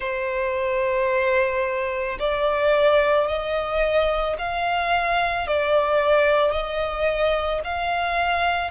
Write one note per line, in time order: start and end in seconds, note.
0.00 2.18 C5
2.19 3.27 D5
3.27 4.36 D#5
4.38 5.47 F5
5.47 6.52 D5
6.52 7.61 D#5
7.64 8.70 F5